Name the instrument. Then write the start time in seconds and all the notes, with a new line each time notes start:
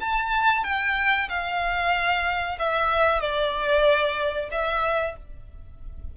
violin
0.00 A5
0.64 G5
1.29 F5
2.59 E5
3.20 D5
4.51 E5